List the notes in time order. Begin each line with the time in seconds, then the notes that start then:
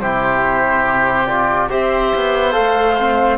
0.00 C3 E4 G4 C5
1.27 F4 D5
1.69 C4 G4 C5 E5
2.15 B3
2.52 A3 A4 F5
2.99 C4